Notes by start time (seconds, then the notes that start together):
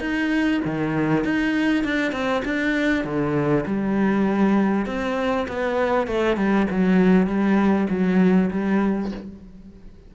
0.00 D#4
0.64 D#3
1.24 D#4
1.84 D4
2.12 C4
2.44 D4
3.04 D3
3.66 G3
4.86 C4
5.48 B3
6.07 A3
6.36 G3
6.70 F#3
7.26 G3
7.89 F#3
8.51 G3